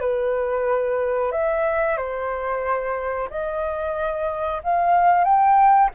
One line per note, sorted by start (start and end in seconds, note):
0.00 1.32 B4
1.32 1.97 E5
1.97 3.28 C5
3.30 4.62 D#5
4.63 5.24 F5
5.24 5.90 G5